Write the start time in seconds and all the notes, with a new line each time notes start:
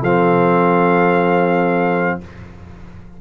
0.00 F3 C4 A4 F5